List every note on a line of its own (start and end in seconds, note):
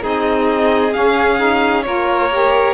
0.00 0.95 C4
0.00 0.91 D#4
0.00 1.85 G#4
0.06 0.93 D#5
0.92 1.38 C#4
0.92 1.87 C#4
0.92 1.83 F5
1.38 1.83 D#4
1.83 2.74 A#3
1.83 2.30 F4
1.83 2.74 A#4
1.83 2.74 C#5
2.31 2.74 G4